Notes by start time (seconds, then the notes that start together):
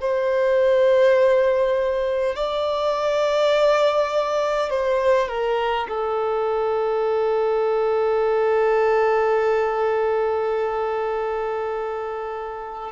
0.00 C5
2.35 D5
4.70 C5
5.28 A#4
5.88 A4